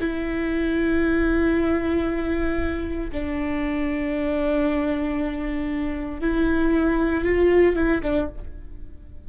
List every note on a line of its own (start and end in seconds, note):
0.00 3.10 E4
3.12 6.21 D4
6.21 7.24 E4
7.24 7.75 F4
7.75 8.01 E4
8.03 8.29 D4